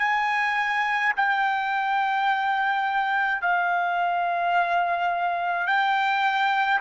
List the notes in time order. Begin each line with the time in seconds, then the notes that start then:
0.00 G#5
1.17 G5
3.42 F5
5.67 G5